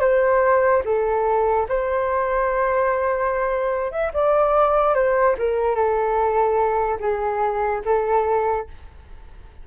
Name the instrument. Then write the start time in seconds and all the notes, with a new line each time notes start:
flute
0.00 C5
0.84 A4
1.68 C5
3.91 E5
4.13 D5
4.94 C5
5.38 A#4
5.75 A4
6.99 G#4
7.85 A4